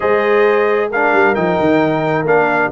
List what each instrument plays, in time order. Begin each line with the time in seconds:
0.00 tuba G#3, trombone G#4, horn C5, trumpet D#5
0.90 trombone D4, horn A#4, trumpet F5
1.12 tuba G3
1.34 tuba F3, trombone D#4, trumpet G5
1.59 tuba D#3
2.24 tuba A#3, trombone D4, trumpet F5